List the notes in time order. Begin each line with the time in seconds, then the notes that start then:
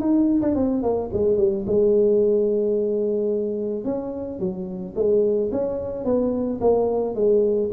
0.00 D#4
0.42 D4
0.55 C4
0.82 A#3
1.13 G#3
1.37 G3
1.66 G#3
3.85 C#4
4.39 F#3
4.95 G#3
5.52 C#4
6.05 B3
6.60 A#3
7.15 G#3